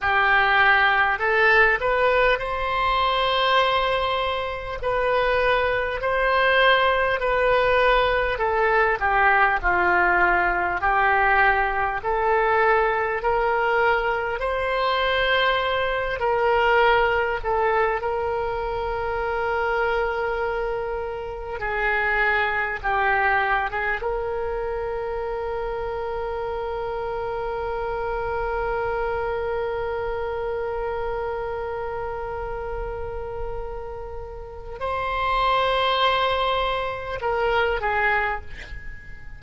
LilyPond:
\new Staff \with { instrumentName = "oboe" } { \time 4/4 \tempo 4 = 50 g'4 a'8 b'8 c''2 | b'4 c''4 b'4 a'8 g'8 | f'4 g'4 a'4 ais'4 | c''4. ais'4 a'8 ais'4~ |
ais'2 gis'4 g'8. gis'16 | ais'1~ | ais'1~ | ais'4 c''2 ais'8 gis'8 | }